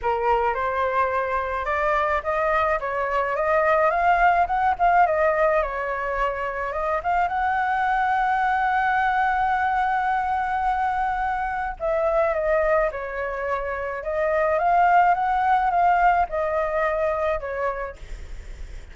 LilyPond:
\new Staff \with { instrumentName = "flute" } { \time 4/4 \tempo 4 = 107 ais'4 c''2 d''4 | dis''4 cis''4 dis''4 f''4 | fis''8 f''8 dis''4 cis''2 | dis''8 f''8 fis''2.~ |
fis''1~ | fis''4 e''4 dis''4 cis''4~ | cis''4 dis''4 f''4 fis''4 | f''4 dis''2 cis''4 | }